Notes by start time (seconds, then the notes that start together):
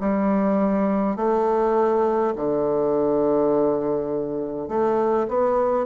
0.00 G3
1.16 A3
2.36 D3
4.68 A3
5.28 B3